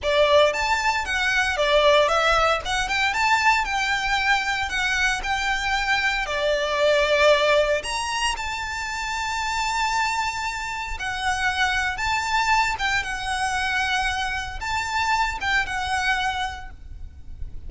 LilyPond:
\new Staff \with { instrumentName = "violin" } { \time 4/4 \tempo 4 = 115 d''4 a''4 fis''4 d''4 | e''4 fis''8 g''8 a''4 g''4~ | g''4 fis''4 g''2 | d''2. ais''4 |
a''1~ | a''4 fis''2 a''4~ | a''8 g''8 fis''2. | a''4. g''8 fis''2 | }